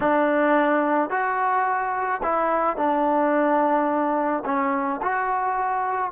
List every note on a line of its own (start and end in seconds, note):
0.00 1.10 D4
1.10 2.21 F#4
2.22 2.77 E4
2.77 4.43 D4
4.45 5.01 C#4
5.02 6.11 F#4